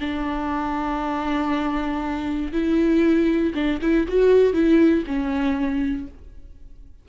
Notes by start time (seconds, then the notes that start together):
0.00 D4
2.52 E4
3.54 D4
3.81 E4
4.08 F#4
4.53 E4
5.07 C#4